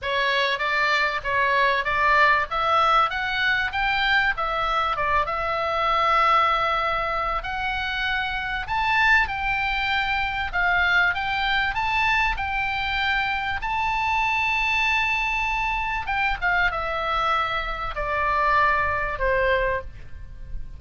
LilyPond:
\new Staff \with { instrumentName = "oboe" } { \time 4/4 \tempo 4 = 97 cis''4 d''4 cis''4 d''4 | e''4 fis''4 g''4 e''4 | d''8 e''2.~ e''8 | fis''2 a''4 g''4~ |
g''4 f''4 g''4 a''4 | g''2 a''2~ | a''2 g''8 f''8 e''4~ | e''4 d''2 c''4 | }